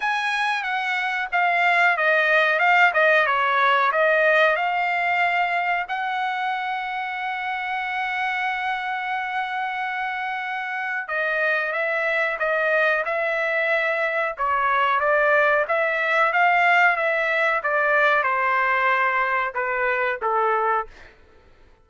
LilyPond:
\new Staff \with { instrumentName = "trumpet" } { \time 4/4 \tempo 4 = 92 gis''4 fis''4 f''4 dis''4 | f''8 dis''8 cis''4 dis''4 f''4~ | f''4 fis''2.~ | fis''1~ |
fis''4 dis''4 e''4 dis''4 | e''2 cis''4 d''4 | e''4 f''4 e''4 d''4 | c''2 b'4 a'4 | }